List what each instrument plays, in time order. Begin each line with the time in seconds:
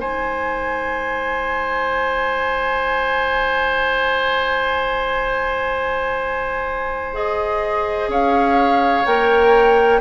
0.00 bassoon G#3, clarinet D#4, oboe C5, flute G#5
7.13 clarinet G#4, flute D#5
8.07 bassoon C#4, oboe C#5, flute F5
9.05 bassoon A#3, clarinet A#4, flute G5